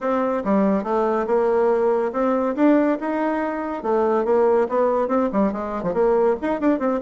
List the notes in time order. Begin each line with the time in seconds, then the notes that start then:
0.00 C4
0.44 G3
0.83 A3
1.26 A#3
2.12 C4
2.55 D4
3.00 D#4
3.82 A3
4.24 A#3
4.68 B3
5.08 C4
5.32 G3
5.52 G#3
5.83 F3
5.93 A#3
6.41 D#4
6.60 D4
6.79 C4